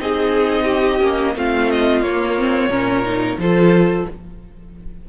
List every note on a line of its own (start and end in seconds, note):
0.00 1.01 C4
0.00 1.00 D#4
0.00 0.65 G#4
0.00 1.38 D#5
0.65 1.33 G4
1.00 1.36 A#3
1.00 1.34 C#4
1.36 2.02 A3
1.36 2.05 C4
1.36 2.70 F4
1.36 1.71 F5
1.71 2.03 D#5
2.02 2.69 A#3
2.02 2.39 A#3
2.02 3.39 C#5
2.39 2.70 C4
2.69 3.37 A#2
2.69 3.04 C#4
2.69 3.39 A#4
3.05 3.39 D#4
3.38 4.06 F3
3.38 4.10 F4
3.38 4.10 A4
3.38 4.08 C5